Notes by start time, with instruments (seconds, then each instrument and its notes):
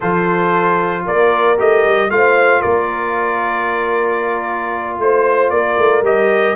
0.00 tuba F3, trombone F4, horn A4, trumpet C5
1.05 tuba A#3, horn A#4, trumpet D5
1.57 tuba A3, trombone G4, trumpet D#5
1.85 tuba G3
2.10 tuba A3, trombone F4, horn C5, trumpet F5
2.61 tuba A#3, horn A#4, trumpet D5
4.98 tuba A3, trumpet C5, horn C5
5.50 tuba A#3, horn A#4, trumpet D5
5.78 tuba A3
6.02 tuba G3, trombone G4, trumpet D#5